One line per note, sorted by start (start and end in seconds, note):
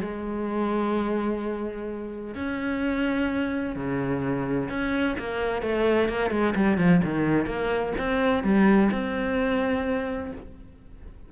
0.00 2.34 G#3
2.35 3.75 C#4
3.75 4.69 C#3
4.69 5.16 C#4
5.19 5.62 A#3
5.62 6.08 A3
6.08 6.30 A#3
6.30 6.54 G#3
6.55 6.77 G3
6.77 7.01 F3
7.03 7.46 D#3
7.46 7.92 A#3
7.98 8.43 C4
8.43 8.90 G3
8.91 10.32 C4